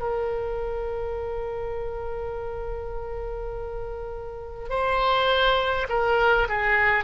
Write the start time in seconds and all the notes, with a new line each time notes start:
0.00 A#4
4.70 C5
5.89 A#4
6.49 G#4